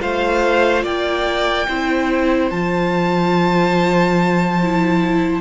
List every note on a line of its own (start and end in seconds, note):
0.00 0.84 A3
0.00 1.67 F4
0.00 0.83 C5
0.00 0.85 F5
0.83 1.67 A#3
0.83 1.66 D5
0.83 2.50 G5
1.68 2.51 C4
1.68 2.53 E4
1.68 5.41 C5
2.50 5.41 F3
2.50 4.61 F4
2.50 5.41 A5
4.62 5.41 E4